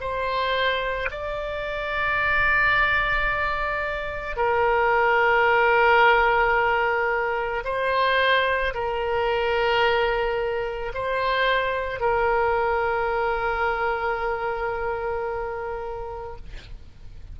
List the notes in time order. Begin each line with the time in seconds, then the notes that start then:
0.00 C5
1.10 D5
4.36 A#4
7.64 C5
8.74 A#4
10.94 C5
12.00 A#4